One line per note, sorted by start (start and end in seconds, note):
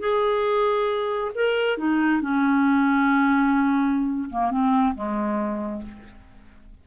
0.00 1.31 G#4
1.35 1.78 A#4
1.78 2.22 D#4
2.22 4.30 C#4
4.31 4.51 A#3
4.51 4.95 C4
4.95 5.83 G#3